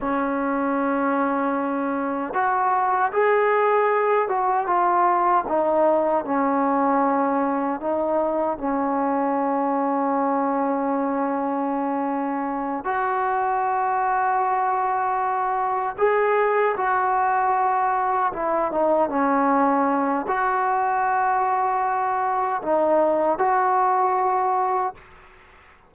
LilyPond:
\new Staff \with { instrumentName = "trombone" } { \time 4/4 \tempo 4 = 77 cis'2. fis'4 | gis'4. fis'8 f'4 dis'4 | cis'2 dis'4 cis'4~ | cis'1~ |
cis'8 fis'2.~ fis'8~ | fis'8 gis'4 fis'2 e'8 | dis'8 cis'4. fis'2~ | fis'4 dis'4 fis'2 | }